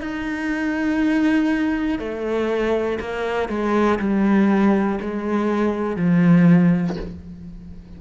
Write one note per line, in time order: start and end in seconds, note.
0.00 1.99 D#4
1.99 2.99 A3
3.00 3.49 A#3
3.49 3.99 G#3
3.99 4.99 G3
5.00 5.96 G#3
5.96 6.96 F3